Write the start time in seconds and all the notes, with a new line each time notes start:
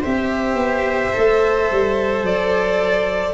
0.00 C4 G4 C5 E5
0.54 B3
1.13 A3 A4
1.71 G3
2.22 F#3 D5